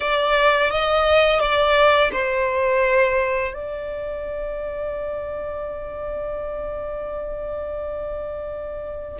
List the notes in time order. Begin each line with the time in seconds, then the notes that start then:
0.00 D5
0.70 D#5
1.40 D5
2.12 C5
3.53 D5